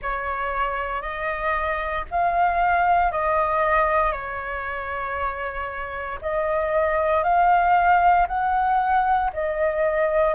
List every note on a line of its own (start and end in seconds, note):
0.02 1.01 C#5
1.01 2.05 D#5
2.11 3.11 F5
3.11 4.11 D#5
4.11 6.18 C#5
6.21 7.23 D#5
7.23 8.27 F5
8.28 9.31 F#5
9.33 10.34 D#5